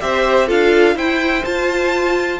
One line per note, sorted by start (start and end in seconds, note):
0.00 0.50 C4
0.00 0.47 G4
0.00 0.46 C5
0.00 0.48 E5
0.46 0.94 D4
0.46 0.95 F4
0.46 0.94 A4
0.46 0.97 F5
0.94 1.43 E4
0.94 1.44 E4
0.94 2.40 C5
0.94 1.44 G5
1.44 2.40 F4
1.44 2.40 A5